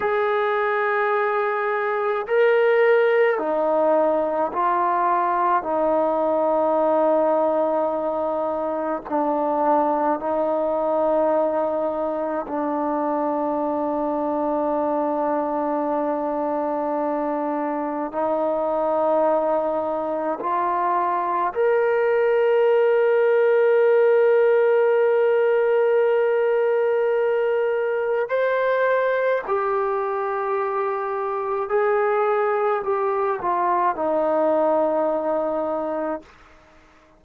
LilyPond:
\new Staff \with { instrumentName = "trombone" } { \time 4/4 \tempo 4 = 53 gis'2 ais'4 dis'4 | f'4 dis'2. | d'4 dis'2 d'4~ | d'1 |
dis'2 f'4 ais'4~ | ais'1~ | ais'4 c''4 g'2 | gis'4 g'8 f'8 dis'2 | }